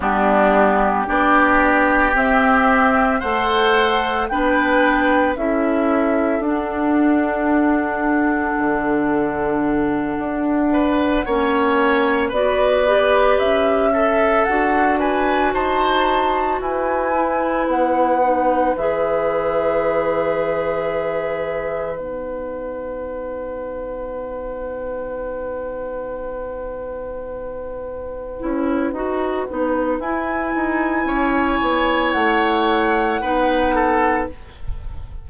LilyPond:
<<
  \new Staff \with { instrumentName = "flute" } { \time 4/4 \tempo 4 = 56 g'4 d''4 e''4 fis''4 | g''4 e''4 fis''2~ | fis''2.~ fis''8 d''8~ | d''8 e''4 fis''8 gis''8 a''4 gis''8~ |
gis''8 fis''4 e''2~ e''8~ | e''8 fis''2.~ fis''8~ | fis''1 | gis''2 fis''2 | }
  \new Staff \with { instrumentName = "oboe" } { \time 4/4 d'4 g'2 c''4 | b'4 a'2.~ | a'2 b'8 cis''4 b'8~ | b'4 a'4 b'8 c''4 b'8~ |
b'1~ | b'1~ | b'1~ | b'4 cis''2 b'8 a'8 | }
  \new Staff \with { instrumentName = "clarinet" } { \time 4/4 b4 d'4 c'4 a'4 | d'4 e'4 d'2~ | d'2~ d'8 cis'4 fis'8 | g'4 a'8 fis'2~ fis'8 |
e'4 dis'8 gis'2~ gis'8~ | gis'8 dis'2.~ dis'8~ | dis'2~ dis'8 e'8 fis'8 dis'8 | e'2. dis'4 | }
  \new Staff \with { instrumentName = "bassoon" } { \time 4/4 g4 b4 c'4 a4 | b4 cis'4 d'2 | d4. d'4 ais4 b8~ | b8 cis'4 d'4 dis'4 e'8~ |
e'8 b4 e2~ e8~ | e8 b2.~ b8~ | b2~ b8 cis'8 dis'8 b8 | e'8 dis'8 cis'8 b8 a4 b4 | }
>>